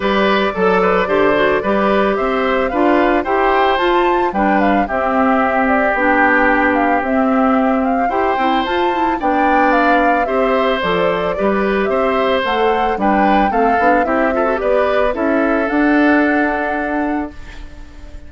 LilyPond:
<<
  \new Staff \with { instrumentName = "flute" } { \time 4/4 \tempo 4 = 111 d''1 | e''4 f''4 g''4 a''4 | g''8 f''8 e''4. d''8 g''4~ | g''8 f''8 e''4. f''8 g''4 |
a''4 g''4 f''4 e''4 | d''2 e''4 fis''4 | g''4 f''4 e''4 d''4 | e''4 fis''2. | }
  \new Staff \with { instrumentName = "oboe" } { \time 4/4 b'4 a'8 b'8 c''4 b'4 | c''4 b'4 c''2 | b'4 g'2.~ | g'2. c''4~ |
c''4 d''2 c''4~ | c''4 b'4 c''2 | b'4 a'4 g'8 a'8 b'4 | a'1 | }
  \new Staff \with { instrumentName = "clarinet" } { \time 4/4 g'4 a'4 g'8 fis'8 g'4~ | g'4 f'4 g'4 f'4 | d'4 c'2 d'4~ | d'4 c'2 g'8 e'8 |
f'8 e'8 d'2 g'4 | a'4 g'2 a'4 | d'4 c'8 d'8 e'8 f'16 fis'16 g'4 | e'4 d'2. | }
  \new Staff \with { instrumentName = "bassoon" } { \time 4/4 g4 fis4 d4 g4 | c'4 d'4 e'4 f'4 | g4 c'2 b4~ | b4 c'2 e'8 c'8 |
f'4 b2 c'4 | f4 g4 c'4 a4 | g4 a8 b8 c'4 b4 | cis'4 d'2. | }
>>